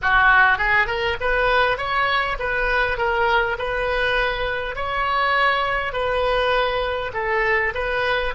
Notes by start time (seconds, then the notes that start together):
0.01 F#4
0.58 G#4
0.86 A#4
1.20 B4
1.77 C#5
2.39 B4
2.97 A#4
3.58 B4
4.75 C#5
5.92 B4
7.13 A4
7.74 B4